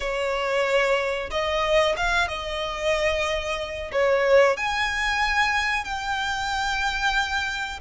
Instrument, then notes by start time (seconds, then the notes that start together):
violin
0.00 C#5
1.30 D#5
1.96 F5
2.28 D#5
3.92 C#5
4.57 G#5
5.84 G5